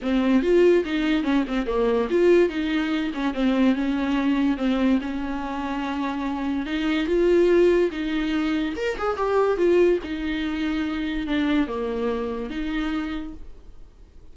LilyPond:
\new Staff \with { instrumentName = "viola" } { \time 4/4 \tempo 4 = 144 c'4 f'4 dis'4 cis'8 c'8 | ais4 f'4 dis'4. cis'8 | c'4 cis'2 c'4 | cis'1 |
dis'4 f'2 dis'4~ | dis'4 ais'8 gis'8 g'4 f'4 | dis'2. d'4 | ais2 dis'2 | }